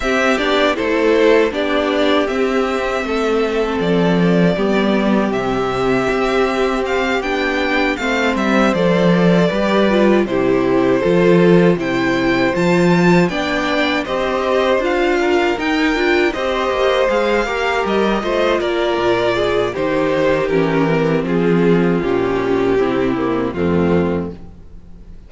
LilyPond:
<<
  \new Staff \with { instrumentName = "violin" } { \time 4/4 \tempo 4 = 79 e''8 d''8 c''4 d''4 e''4~ | e''4 d''2 e''4~ | e''4 f''8 g''4 f''8 e''8 d''8~ | d''4. c''2 g''8~ |
g''8 a''4 g''4 dis''4 f''8~ | f''8 g''4 dis''4 f''4 dis''8~ | dis''8 d''4. c''4 ais'4 | gis'4 g'2 f'4 | }
  \new Staff \with { instrumentName = "violin" } { \time 4/4 g'4 a'4 g'2 | a'2 g'2~ | g'2~ g'8 c''4.~ | c''8 b'4 g'4 a'4 c''8~ |
c''4. d''4 c''4. | ais'4. c''4. ais'4 | c''8 ais'4 gis'8 g'2 | f'2 e'4 c'4 | }
  \new Staff \with { instrumentName = "viola" } { \time 4/4 c'8 d'8 e'4 d'4 c'4~ | c'2 b4 c'4~ | c'4. d'4 c'4 a'8~ | a'8 g'8 f'8 e'4 f'4 e'8~ |
e'8 f'4 d'4 g'4 f'8~ | f'8 dis'8 f'8 g'4 gis'8 g'4 | f'2 dis'4 cis'8 c'8~ | c'4 cis'4 c'8 ais8 a4 | }
  \new Staff \with { instrumentName = "cello" } { \time 4/4 c'8 b8 a4 b4 c'4 | a4 f4 g4 c4 | c'4. b4 a8 g8 f8~ | f8 g4 c4 f4 c8~ |
c8 f4 b4 c'4 d'8~ | d'8 dis'8 d'8 c'8 ais8 gis8 ais8 g8 | a8 ais8 ais,4 dis4 e4 | f4 ais,4 c4 f,4 | }
>>